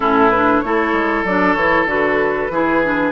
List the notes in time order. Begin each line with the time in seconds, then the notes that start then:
0.00 A2 C#4 E4 A4
0.30 D4 B4
0.60 A3 E4 A4 C#5
0.92 G#3
1.24 F#3 D4 D5
1.53 E3 E4 C#5
1.85 D3 F#4 B4
2.49 E3 E4 G#4
2.83 D4